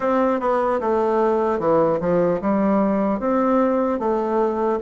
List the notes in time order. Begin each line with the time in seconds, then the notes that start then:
0.00 C4
0.40 B3
0.80 A3
1.59 E3
2.00 F3
2.41 G3
3.19 C4
3.99 A3